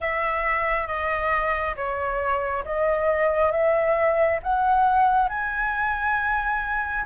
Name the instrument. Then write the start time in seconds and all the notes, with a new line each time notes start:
flute
0.00 E5
0.87 D#5
1.76 C#5
2.65 D#5
3.51 E5
4.42 F#5
5.28 G#5